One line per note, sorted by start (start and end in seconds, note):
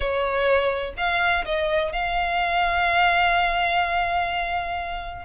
0.00 0.94 C#5
0.97 1.44 F5
1.45 1.92 D#5
1.92 5.25 F5